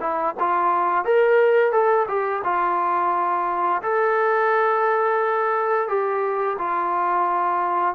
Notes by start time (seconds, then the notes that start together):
0.00 E4
0.39 F4
1.05 A#4
1.72 A4
2.08 G4
2.44 F4
3.82 A4
5.88 G4
6.58 F4